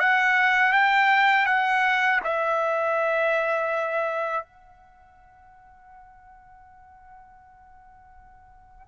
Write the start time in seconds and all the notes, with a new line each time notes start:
0.00 F#5
0.73 G5
1.46 F#5
2.24 E5
4.44 F#5